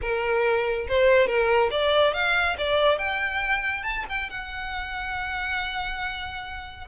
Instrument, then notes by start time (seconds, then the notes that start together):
violin
0.01 A#4
0.88 C5
1.27 A#4
1.70 D5
2.13 F5
2.58 D5
2.98 G5
3.83 A5
4.09 G5
4.30 F#5